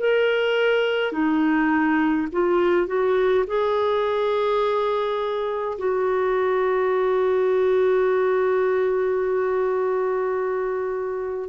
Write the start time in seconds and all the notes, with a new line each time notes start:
0.00 A#4
1.13 D#4
2.33 F4
2.87 F#4
3.47 G#4
5.79 F#4